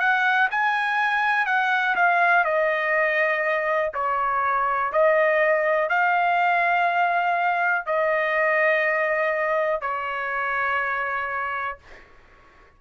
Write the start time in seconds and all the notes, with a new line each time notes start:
0.00 F#5
0.51 G#5
1.46 F#5
1.96 F5
2.45 D#5
3.94 C#5
4.93 D#5
5.90 F5
7.86 D#5
9.81 C#5